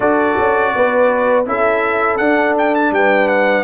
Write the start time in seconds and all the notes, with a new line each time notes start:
0.00 D4 F#4 A4 D5
0.37 C#4
0.75 B3 B4
1.46 C#4 E4 A4 E5
2.17 D4 F#5
2.58 G5
2.75 A5
2.91 G3 B4 G5
3.28 F#5